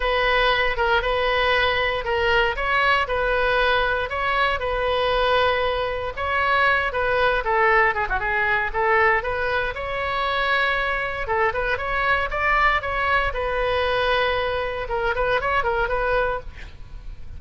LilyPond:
\new Staff \with { instrumentName = "oboe" } { \time 4/4 \tempo 4 = 117 b'4. ais'8 b'2 | ais'4 cis''4 b'2 | cis''4 b'2. | cis''4. b'4 a'4 gis'16 fis'16 |
gis'4 a'4 b'4 cis''4~ | cis''2 a'8 b'8 cis''4 | d''4 cis''4 b'2~ | b'4 ais'8 b'8 cis''8 ais'8 b'4 | }